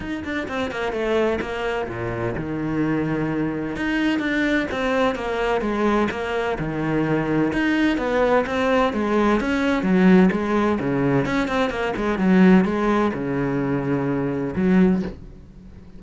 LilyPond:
\new Staff \with { instrumentName = "cello" } { \time 4/4 \tempo 4 = 128 dis'8 d'8 c'8 ais8 a4 ais4 | ais,4 dis2. | dis'4 d'4 c'4 ais4 | gis4 ais4 dis2 |
dis'4 b4 c'4 gis4 | cis'4 fis4 gis4 cis4 | cis'8 c'8 ais8 gis8 fis4 gis4 | cis2. fis4 | }